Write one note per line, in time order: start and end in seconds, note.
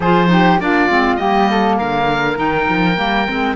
0.00 0.58 F3
0.00 0.27 F4
0.00 0.29 G#4
0.00 0.60 C5
0.27 0.57 D#4
0.27 0.62 G4
0.58 0.88 A#3
0.58 0.89 D4
0.58 1.19 F4
0.58 1.16 D5
0.89 1.19 G#3
0.89 1.18 C4
1.16 1.79 G3
1.16 2.35 A#3
1.16 1.49 G4
1.16 1.75 D#5
1.50 1.77 A4
1.77 2.38 D3
1.77 3.55 A#4
1.77 2.38 F5
2.35 2.67 D#3
2.35 2.94 D#4
2.35 3.55 G5
2.68 2.98 F3
2.96 3.27 G3
2.96 3.26 A#3
3.28 3.55 G#3
3.28 3.55 C4